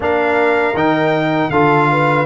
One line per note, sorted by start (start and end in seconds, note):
0.00 0.74 A#3
0.00 0.74 D4
0.00 1.51 A#4
0.00 0.76 F5
0.74 1.50 D#3
0.74 1.52 D#4
0.74 1.50 G5
1.50 2.26 D3
1.50 2.26 F4
1.50 1.89 A4
1.50 2.26 F5
1.91 2.26 B4